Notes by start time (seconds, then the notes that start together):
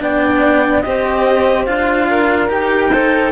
0.00 B3 D4 D5 G5
0.81 C4 G4 D#5
0.88 C5
1.66 D4 F4 F5
2.09 A#4
2.49 D#4 G4 G5
2.92 A4 C5